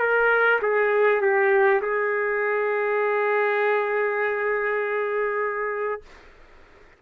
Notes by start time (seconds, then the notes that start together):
0.00 A#4
0.62 G#4
1.21 G4
1.82 G#4